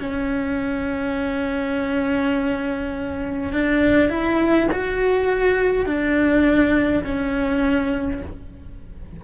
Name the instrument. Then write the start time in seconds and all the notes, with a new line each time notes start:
cello
0.00 C#4
3.53 D4
4.10 E4
4.72 F#4
5.86 D4
7.04 C#4